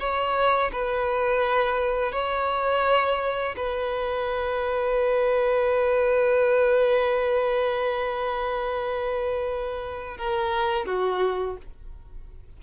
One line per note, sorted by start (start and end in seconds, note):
0.00 0.71 C#5
0.72 2.13 B4
2.13 3.56 C#5
3.57 10.18 B4
10.18 10.86 A#4
10.86 11.57 F#4